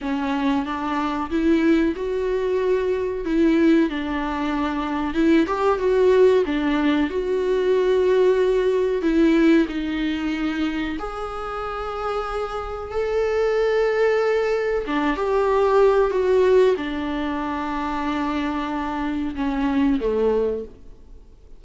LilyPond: \new Staff \with { instrumentName = "viola" } { \time 4/4 \tempo 4 = 93 cis'4 d'4 e'4 fis'4~ | fis'4 e'4 d'2 | e'8 g'8 fis'4 d'4 fis'4~ | fis'2 e'4 dis'4~ |
dis'4 gis'2. | a'2. d'8 g'8~ | g'4 fis'4 d'2~ | d'2 cis'4 a4 | }